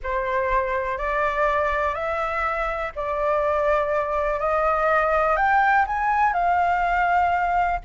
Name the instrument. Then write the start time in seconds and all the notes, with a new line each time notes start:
flute
0.03 C5
0.98 D5
1.94 E5
2.95 D5
4.39 D#5
5.36 G5
5.86 G#5
6.33 F5